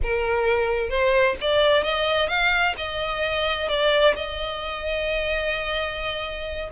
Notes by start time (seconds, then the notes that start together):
0.02 A#4
0.89 C5
1.40 D5
1.83 D#5
2.28 F5
2.77 D#5
3.68 D5
4.15 D#5